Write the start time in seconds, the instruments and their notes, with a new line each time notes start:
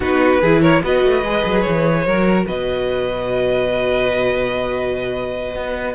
0.00 cello B3, viola D#4, violin F#4 B4
0.41 cello E3, viola E4, violin G#4
0.61 violin A#4 C#5
0.83 cello B3, viola F#4, violin B4 D#5
1.04 cello A3
1.23 cello G#3, viola G#4
1.44 cello F#3
1.61 cello E3, violin C#5
2.05 cello F#3, viola F#4, violin A#4
2.46 cello B2, violin B4 D#5
5.55 cello B3